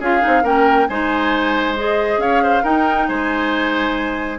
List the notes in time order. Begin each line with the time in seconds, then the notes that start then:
0.00 C#4 F4 G#4 F5
0.21 D#4
0.27 C4
0.44 A#3 C#4 A#4 G5
0.88 G#3 D#4 C5 G#5
1.77 G#4 D#5
2.18 C#4 C#5 F5
2.43 C5
2.63 D#4 A#4 G5
3.08 G#3 C5 G#5